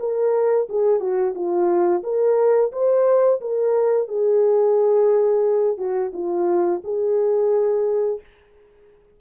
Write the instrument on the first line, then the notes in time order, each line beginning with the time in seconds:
horn
0.00 A#4
0.69 G#4
1.00 F#4
1.35 F4
2.04 A#4
2.72 C5
3.41 A#4
4.08 G#4
5.78 F#4
6.14 F4
6.84 G#4